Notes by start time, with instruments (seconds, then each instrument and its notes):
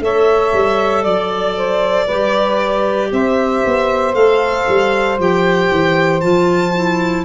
0.00 tuba A3, clarinet A4, saxophone C#5, violin E5
0.53 tuba G3
1.02 tuba F#3, saxophone D5, violin D5
1.56 saxophone C5
2.05 tuba G3, clarinet G4, saxophone B4
3.11 tuba C4, saxophone C5, violin E5
3.65 tuba B3
4.14 tuba A3, clarinet A4, violin F5
4.68 tuba G3
5.18 tuba F3, clarinet G4, violin G5
5.71 tuba E3
6.20 tuba F3, clarinet F4, violin A5
6.75 clarinet E4